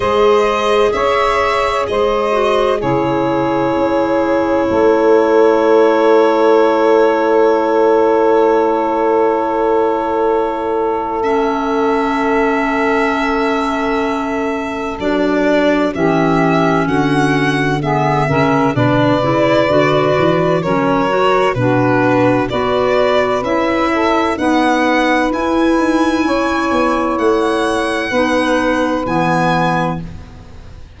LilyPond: <<
  \new Staff \with { instrumentName = "violin" } { \time 4/4 \tempo 4 = 64 dis''4 e''4 dis''4 cis''4~ | cis''1~ | cis''1 | e''1 |
d''4 e''4 fis''4 e''4 | d''2 cis''4 b'4 | d''4 e''4 fis''4 gis''4~ | gis''4 fis''2 gis''4 | }
  \new Staff \with { instrumentName = "saxophone" } { \time 4/4 c''4 cis''4 c''4 gis'4~ | gis'4 a'2.~ | a'1~ | a'1~ |
a'4 g'4 fis'4 gis'8 ais'8 | b'2 ais'4 fis'4 | b'4. a'8 b'2 | cis''2 b'2 | }
  \new Staff \with { instrumentName = "clarinet" } { \time 4/4 gis'2~ gis'8 fis'8 e'4~ | e'1~ | e'1 | cis'1 |
d'4 cis'2 b8 cis'8 | d'8 e'8 fis'4 cis'8 fis'8 d'4 | fis'4 e'4 b4 e'4~ | e'2 dis'4 b4 | }
  \new Staff \with { instrumentName = "tuba" } { \time 4/4 gis4 cis'4 gis4 cis4 | cis'4 a2.~ | a1~ | a1 |
fis4 e4 d4. cis8 | b,8 cis8 d8 e8 fis4 b,4 | b4 cis'4 dis'4 e'8 dis'8 | cis'8 b8 a4 b4 e4 | }
>>